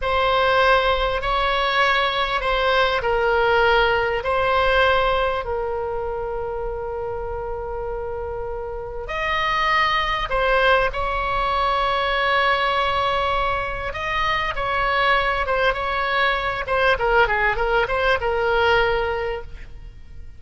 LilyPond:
\new Staff \with { instrumentName = "oboe" } { \time 4/4 \tempo 4 = 99 c''2 cis''2 | c''4 ais'2 c''4~ | c''4 ais'2.~ | ais'2. dis''4~ |
dis''4 c''4 cis''2~ | cis''2. dis''4 | cis''4. c''8 cis''4. c''8 | ais'8 gis'8 ais'8 c''8 ais'2 | }